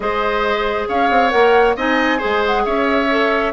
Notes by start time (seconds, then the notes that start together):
0.00 G#3 G#4 C5 D#5
0.88 C#4 C#5 F5
1.10 C4
1.30 A#3 A#4 F#5
1.76 C4 D#4 D#5 G#5
2.18 G#4 C5
2.24 G#3
2.46 F#5
2.64 C#4 C#5 E5
3.10 A4